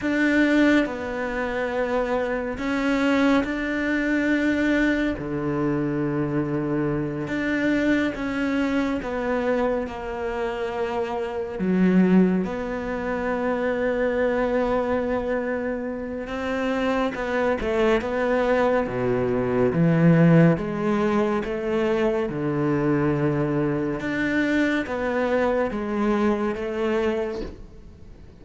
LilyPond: \new Staff \with { instrumentName = "cello" } { \time 4/4 \tempo 4 = 70 d'4 b2 cis'4 | d'2 d2~ | d8 d'4 cis'4 b4 ais8~ | ais4. fis4 b4.~ |
b2. c'4 | b8 a8 b4 b,4 e4 | gis4 a4 d2 | d'4 b4 gis4 a4 | }